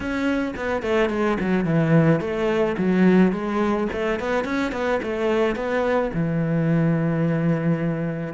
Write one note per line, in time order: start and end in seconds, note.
0.00 0.54 C#4
0.56 0.82 B3
0.82 1.09 A3
1.09 1.37 G#3
1.40 1.64 F#3
1.64 2.20 E3
2.20 2.76 A3
2.77 3.32 F#3
3.32 3.87 G#3
3.92 4.19 A3
4.19 4.44 B3
4.44 4.72 C#4
4.72 4.99 B3
5.02 5.55 A3
5.55 6.11 B3
6.13 8.33 E3